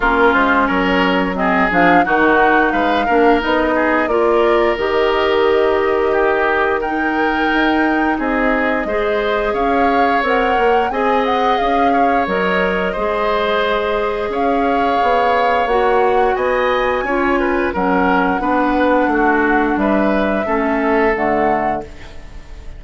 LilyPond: <<
  \new Staff \with { instrumentName = "flute" } { \time 4/4 \tempo 4 = 88 ais'8 c''8 cis''4 dis''8 f''8 fis''4 | f''4 dis''4 d''4 dis''4~ | dis''2 g''2 | dis''2 f''4 fis''4 |
gis''8 fis''8 f''4 dis''2~ | dis''4 f''2 fis''4 | gis''2 fis''2~ | fis''4 e''2 fis''4 | }
  \new Staff \with { instrumentName = "oboe" } { \time 4/4 f'4 ais'4 gis'4 fis'4 | b'8 ais'4 gis'8 ais'2~ | ais'4 g'4 ais'2 | gis'4 c''4 cis''2 |
dis''4. cis''4. c''4~ | c''4 cis''2. | dis''4 cis''8 b'8 ais'4 b'4 | fis'4 b'4 a'2 | }
  \new Staff \with { instrumentName = "clarinet" } { \time 4/4 cis'2 c'8 d'8 dis'4~ | dis'8 d'8 dis'4 f'4 g'4~ | g'2 dis'2~ | dis'4 gis'2 ais'4 |
gis'2 ais'4 gis'4~ | gis'2. fis'4~ | fis'4 f'4 cis'4 d'4~ | d'2 cis'4 a4 | }
  \new Staff \with { instrumentName = "bassoon" } { \time 4/4 ais8 gis8 fis4. f8 dis4 | gis8 ais8 b4 ais4 dis4~ | dis2. dis'4 | c'4 gis4 cis'4 c'8 ais8 |
c'4 cis'4 fis4 gis4~ | gis4 cis'4 b4 ais4 | b4 cis'4 fis4 b4 | a4 g4 a4 d4 | }
>>